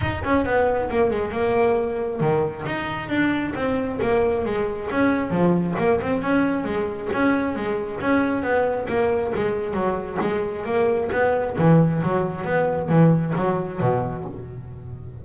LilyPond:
\new Staff \with { instrumentName = "double bass" } { \time 4/4 \tempo 4 = 135 dis'8 cis'8 b4 ais8 gis8 ais4~ | ais4 dis4 dis'4 d'4 | c'4 ais4 gis4 cis'4 | f4 ais8 c'8 cis'4 gis4 |
cis'4 gis4 cis'4 b4 | ais4 gis4 fis4 gis4 | ais4 b4 e4 fis4 | b4 e4 fis4 b,4 | }